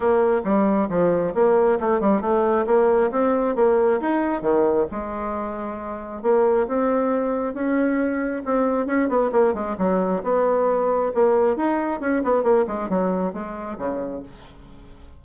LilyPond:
\new Staff \with { instrumentName = "bassoon" } { \time 4/4 \tempo 4 = 135 ais4 g4 f4 ais4 | a8 g8 a4 ais4 c'4 | ais4 dis'4 dis4 gis4~ | gis2 ais4 c'4~ |
c'4 cis'2 c'4 | cis'8 b8 ais8 gis8 fis4 b4~ | b4 ais4 dis'4 cis'8 b8 | ais8 gis8 fis4 gis4 cis4 | }